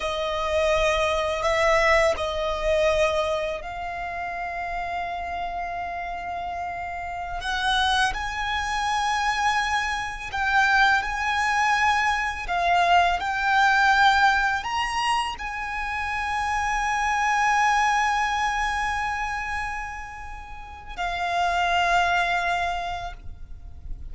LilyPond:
\new Staff \with { instrumentName = "violin" } { \time 4/4 \tempo 4 = 83 dis''2 e''4 dis''4~ | dis''4 f''2.~ | f''2~ f''16 fis''4 gis''8.~ | gis''2~ gis''16 g''4 gis''8.~ |
gis''4~ gis''16 f''4 g''4.~ g''16~ | g''16 ais''4 gis''2~ gis''8.~ | gis''1~ | gis''4 f''2. | }